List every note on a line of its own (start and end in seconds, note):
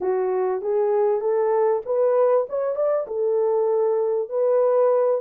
0.01 0.61 F#4
0.61 1.20 G#4
1.20 1.81 A4
1.85 2.46 B4
2.49 2.75 C#5
2.75 3.06 D5
3.07 4.29 A4
4.29 5.21 B4